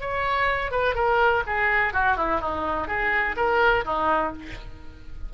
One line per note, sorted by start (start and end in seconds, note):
0.00 0.71 C#5
0.71 0.95 B4
0.95 1.43 A#4
1.46 1.93 G#4
1.93 2.17 F#4
2.17 2.40 E4
2.40 2.88 D#4
2.88 3.36 G#4
3.36 3.84 A#4
3.85 4.33 D#4